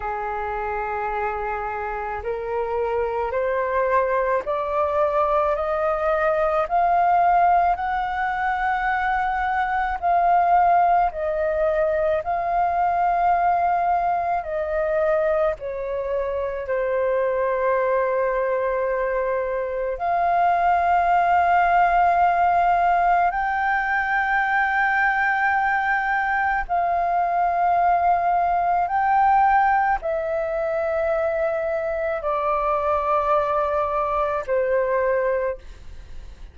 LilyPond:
\new Staff \with { instrumentName = "flute" } { \time 4/4 \tempo 4 = 54 gis'2 ais'4 c''4 | d''4 dis''4 f''4 fis''4~ | fis''4 f''4 dis''4 f''4~ | f''4 dis''4 cis''4 c''4~ |
c''2 f''2~ | f''4 g''2. | f''2 g''4 e''4~ | e''4 d''2 c''4 | }